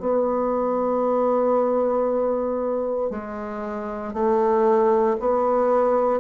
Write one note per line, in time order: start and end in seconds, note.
0.00 3.10 B3
3.10 4.14 G#3
4.14 5.17 A3
5.20 6.21 B3